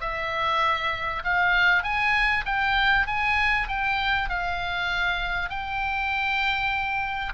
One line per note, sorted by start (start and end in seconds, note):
0.00 1.22 E5
1.24 1.83 F5
1.83 2.44 G#5
2.45 3.06 G5
3.07 3.68 G#5
3.68 4.29 G5
4.29 5.49 F5
5.49 7.33 G5